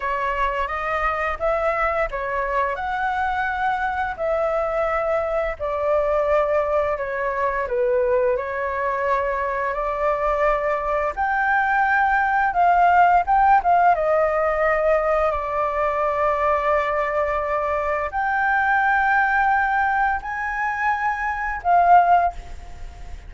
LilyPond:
\new Staff \with { instrumentName = "flute" } { \time 4/4 \tempo 4 = 86 cis''4 dis''4 e''4 cis''4 | fis''2 e''2 | d''2 cis''4 b'4 | cis''2 d''2 |
g''2 f''4 g''8 f''8 | dis''2 d''2~ | d''2 g''2~ | g''4 gis''2 f''4 | }